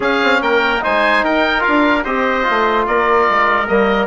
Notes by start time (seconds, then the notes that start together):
0.00 C#4 G#4 F5
0.23 C4
0.41 A#3 A#4 G5
0.81 G#3 D#4 C5 G#5
1.23 D#4 A#4 G5
1.59 F4 F5
1.67 D4
2.04 C4 G4 C5 D#5
2.43 F4
2.49 A3
2.87 A#3 A#4 D5
3.29 G#3
3.67 G3 A#3 D#5